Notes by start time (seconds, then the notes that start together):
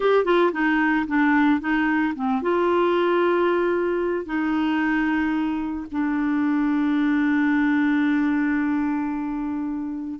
0.00 G4
0.24 F4
0.52 D#4
1.07 D4
1.60 D#4
2.15 C4
2.42 F4
4.25 D#4
5.91 D4